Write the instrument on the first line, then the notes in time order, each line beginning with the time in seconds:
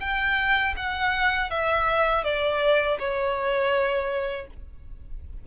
violin
0.00 G5
0.76 F#5
1.50 E5
2.24 D5
2.99 C#5